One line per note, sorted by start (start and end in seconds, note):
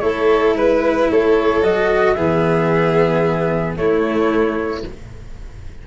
0.00 0.55 A3
0.00 1.62 E4
0.00 0.57 A4
0.00 0.54 C#5
0.55 1.08 G#3
0.55 1.10 B4
0.55 1.11 B4
1.10 1.64 A3
1.10 2.16 A4
1.10 1.64 C#5
1.62 2.17 F#3
1.62 2.16 F#4
1.62 2.14 D#5
2.14 3.77 E3
2.14 3.76 B3
2.14 3.77 G#4
2.14 3.74 E5
3.76 4.83 A3
3.76 4.85 A3
3.76 4.87 E4
3.76 4.84 C#5